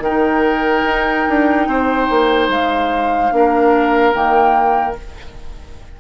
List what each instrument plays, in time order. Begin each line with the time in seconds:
0.00 bassoon D#3, oboe A#4, flute G5
0.07 clarinet D#4
0.85 bassoon D#4
1.29 bassoon D4
1.68 bassoon C4, oboe C5
2.10 bassoon A#3
2.49 bassoon G#3, flute F5
3.32 bassoon A#3, clarinet D4, oboe A#4
4.13 bassoon D#3, clarinet A#3, flute G5